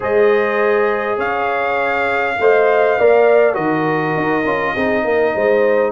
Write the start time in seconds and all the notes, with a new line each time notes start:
0.00 G#3 G#4 C5 D#5
1.17 C#4 C#5 F5
2.38 A3 C5 D#5
2.99 A#3 A#4 D5
3.53 D#3 F#4 A#4 D#5
4.17 D#4
4.44 C#4 F4
4.73 C4 D#4 G#4
5.04 A#3 A#4
5.35 G#3 C5